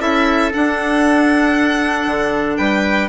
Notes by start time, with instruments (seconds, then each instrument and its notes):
0.00 bassoon C#4, clarinet E4, trumpet A4, violin E5
0.53 clarinet D4, bassoon D4, violin F#5
2.07 bassoon D3
2.57 bassoon G3, trumpet B4, violin G5